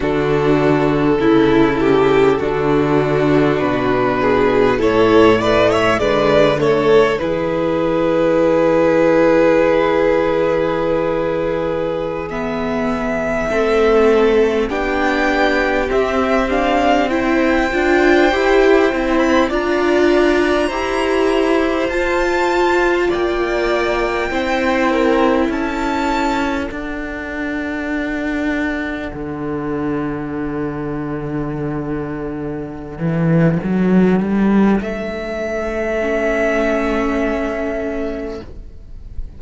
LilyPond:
<<
  \new Staff \with { instrumentName = "violin" } { \time 4/4 \tempo 4 = 50 a'2. b'4 | cis''8 d''16 e''16 d''8 cis''8 b'2~ | b'2~ b'16 e''4.~ e''16~ | e''16 g''4 e''8 f''8 g''4.~ g''16 |
b''16 ais''2 a''4 g''8.~ | g''4~ g''16 a''4 fis''4.~ fis''16~ | fis''1~ | fis''4 e''2. | }
  \new Staff \with { instrumentName = "violin" } { \time 4/4 fis'4 e'8 g'8 fis'4. gis'8 | a'8 b'16 cis''16 b'8 a'8 gis'2~ | gis'2.~ gis'16 a'8.~ | a'16 g'2 c''4.~ c''16~ |
c''16 d''4 c''2 d''8.~ | d''16 c''8 ais'8 a'2~ a'8.~ | a'1~ | a'1 | }
  \new Staff \with { instrumentName = "viola" } { \time 4/4 d'4 e'4 d'2 | e'8 a8 gis8 a8 e'2~ | e'2~ e'16 b4 c'8.~ | c'16 d'4 c'8 d'8 e'8 f'8 g'8 e'16~ |
e'16 f'4 g'4 f'4.~ f'16~ | f'16 e'2 d'4.~ d'16~ | d'1~ | d'2 cis'2 | }
  \new Staff \with { instrumentName = "cello" } { \time 4/4 d4 cis4 d4 b,4 | a,4 d4 e2~ | e2.~ e16 a8.~ | a16 b4 c'4. d'8 e'8 c'16~ |
c'16 d'4 e'4 f'4 ais8.~ | ais16 c'4 cis'4 d'4.~ d'16~ | d'16 d2.~ d16 e8 | fis8 g8 a2. | }
>>